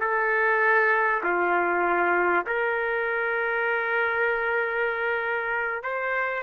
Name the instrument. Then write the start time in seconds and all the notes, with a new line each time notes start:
trumpet
0.00 A4
1.23 F4
2.47 A#4
5.83 C5